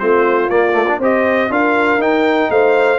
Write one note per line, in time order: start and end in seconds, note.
0.00 0.50 A3
0.00 0.50 C4
0.00 0.99 F4
0.00 0.50 C5
0.50 0.99 A#3
0.50 0.73 A#3
0.50 1.00 D5
0.73 0.86 A3
0.88 1.01 D4
0.99 1.49 C4
0.99 1.50 G4
0.99 1.49 C5
0.99 1.52 D#5
1.50 1.98 D4
1.50 2.00 F4
1.50 2.51 A#4
1.50 2.02 F5
1.98 2.48 D#4
1.98 2.99 D#4
1.98 2.51 G5
2.50 2.99 A3
2.50 2.99 C5
2.50 2.99 F5